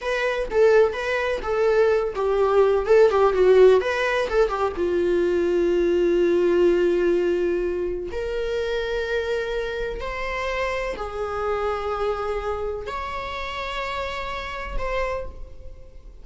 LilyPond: \new Staff \with { instrumentName = "viola" } { \time 4/4 \tempo 4 = 126 b'4 a'4 b'4 a'4~ | a'8 g'4. a'8 g'8 fis'4 | b'4 a'8 g'8 f'2~ | f'1~ |
f'4 ais'2.~ | ais'4 c''2 gis'4~ | gis'2. cis''4~ | cis''2. c''4 | }